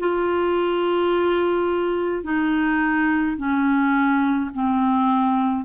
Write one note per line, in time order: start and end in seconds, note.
0.00 2.24 F4
2.24 3.37 D#4
3.38 4.51 C#4
4.54 5.65 C4